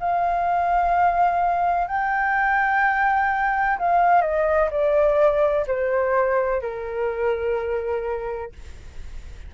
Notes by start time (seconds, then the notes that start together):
0.00 F5
1.88 G5
3.79 F5
4.22 D#5
4.71 D5
5.68 C5
6.62 A#4